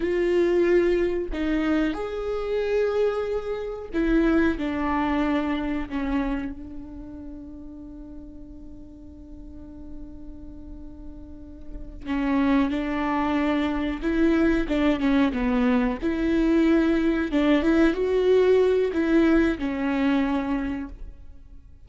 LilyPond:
\new Staff \with { instrumentName = "viola" } { \time 4/4 \tempo 4 = 92 f'2 dis'4 gis'4~ | gis'2 e'4 d'4~ | d'4 cis'4 d'2~ | d'1~ |
d'2~ d'8 cis'4 d'8~ | d'4. e'4 d'8 cis'8 b8~ | b8 e'2 d'8 e'8 fis'8~ | fis'4 e'4 cis'2 | }